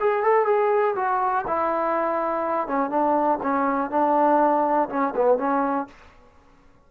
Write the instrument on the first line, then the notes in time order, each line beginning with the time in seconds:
trombone
0.00 G#4
0.23 A4
0.46 G#4
0.96 F#4
1.48 E4
2.68 C#4
2.90 D4
3.43 C#4
3.91 D4
4.90 C#4
5.16 B3
5.38 C#4